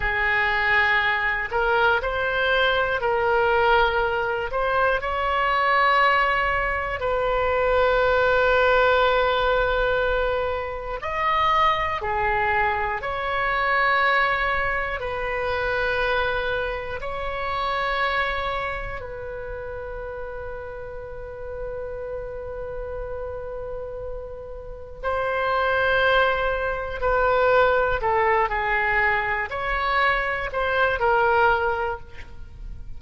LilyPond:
\new Staff \with { instrumentName = "oboe" } { \time 4/4 \tempo 4 = 60 gis'4. ais'8 c''4 ais'4~ | ais'8 c''8 cis''2 b'4~ | b'2. dis''4 | gis'4 cis''2 b'4~ |
b'4 cis''2 b'4~ | b'1~ | b'4 c''2 b'4 | a'8 gis'4 cis''4 c''8 ais'4 | }